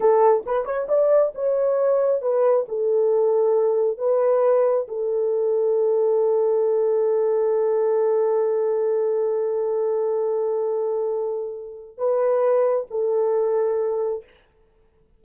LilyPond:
\new Staff \with { instrumentName = "horn" } { \time 4/4 \tempo 4 = 135 a'4 b'8 cis''8 d''4 cis''4~ | cis''4 b'4 a'2~ | a'4 b'2 a'4~ | a'1~ |
a'1~ | a'1~ | a'2. b'4~ | b'4 a'2. | }